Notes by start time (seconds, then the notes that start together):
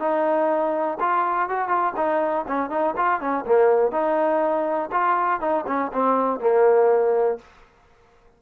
0.00 D#4
1.00 F4
1.50 F#4
1.69 F4
1.96 D#4
2.48 C#4
2.70 D#4
2.97 F4
3.20 C#4
3.46 A#3
3.92 D#4
4.92 F4
5.41 D#4
5.67 C#4
5.93 C4
6.40 A#3